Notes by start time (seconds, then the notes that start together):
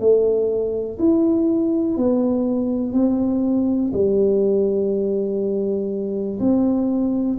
0.00 A3
0.99 E4
1.97 B3
2.93 C4
3.93 G3
6.40 C4